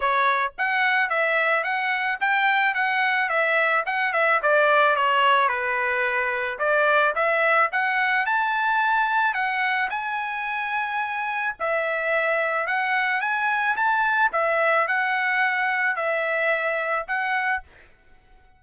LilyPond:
\new Staff \with { instrumentName = "trumpet" } { \time 4/4 \tempo 4 = 109 cis''4 fis''4 e''4 fis''4 | g''4 fis''4 e''4 fis''8 e''8 | d''4 cis''4 b'2 | d''4 e''4 fis''4 a''4~ |
a''4 fis''4 gis''2~ | gis''4 e''2 fis''4 | gis''4 a''4 e''4 fis''4~ | fis''4 e''2 fis''4 | }